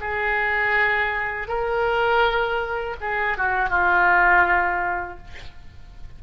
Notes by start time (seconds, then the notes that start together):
0.00 G#4
1.48 A#4
3.01 G#4
3.37 F#4
3.70 F4